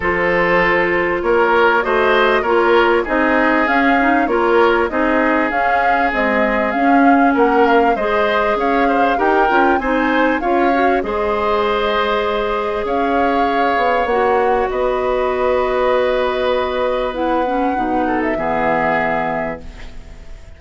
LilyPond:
<<
  \new Staff \with { instrumentName = "flute" } { \time 4/4 \tempo 4 = 98 c''2 cis''4 dis''4 | cis''4 dis''4 f''4 cis''4 | dis''4 f''4 dis''4 f''4 | fis''8 f''8 dis''4 f''4 g''4 |
gis''4 f''4 dis''2~ | dis''4 f''2 fis''4 | dis''1 | fis''4.~ fis''16 e''2~ e''16 | }
  \new Staff \with { instrumentName = "oboe" } { \time 4/4 a'2 ais'4 c''4 | ais'4 gis'2 ais'4 | gis'1 | ais'4 c''4 cis''8 c''8 ais'4 |
c''4 cis''4 c''2~ | c''4 cis''2. | b'1~ | b'4. a'8 gis'2 | }
  \new Staff \with { instrumentName = "clarinet" } { \time 4/4 f'2. fis'4 | f'4 dis'4 cis'8 dis'8 f'4 | dis'4 cis'4 gis4 cis'4~ | cis'4 gis'2 g'8 f'8 |
dis'4 f'8 fis'8 gis'2~ | gis'2. fis'4~ | fis'1 | e'8 cis'8 dis'4 b2 | }
  \new Staff \with { instrumentName = "bassoon" } { \time 4/4 f2 ais4 a4 | ais4 c'4 cis'4 ais4 | c'4 cis'4 c'4 cis'4 | ais4 gis4 cis'4 dis'8 cis'8 |
c'4 cis'4 gis2~ | gis4 cis'4. b8 ais4 | b1~ | b4 b,4 e2 | }
>>